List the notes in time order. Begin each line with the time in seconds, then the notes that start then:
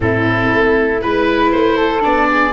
0.00 A2 C4 E4 A4
0.53 A3
1.01 G#3 E4 B4
1.51 A3 C5
1.76 A4
2.00 B3 D4 D5
2.30 G#4